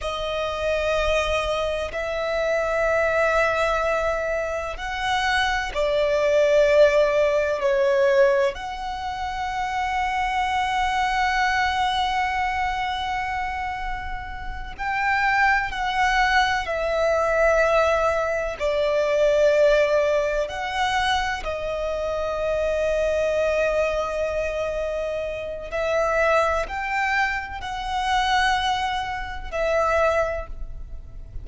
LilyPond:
\new Staff \with { instrumentName = "violin" } { \time 4/4 \tempo 4 = 63 dis''2 e''2~ | e''4 fis''4 d''2 | cis''4 fis''2.~ | fis''2.~ fis''8 g''8~ |
g''8 fis''4 e''2 d''8~ | d''4. fis''4 dis''4.~ | dis''2. e''4 | g''4 fis''2 e''4 | }